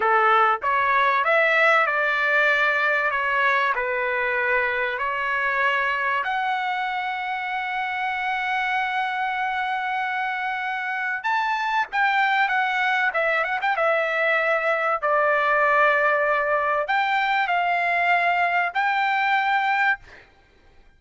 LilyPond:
\new Staff \with { instrumentName = "trumpet" } { \time 4/4 \tempo 4 = 96 a'4 cis''4 e''4 d''4~ | d''4 cis''4 b'2 | cis''2 fis''2~ | fis''1~ |
fis''2 a''4 g''4 | fis''4 e''8 fis''16 g''16 e''2 | d''2. g''4 | f''2 g''2 | }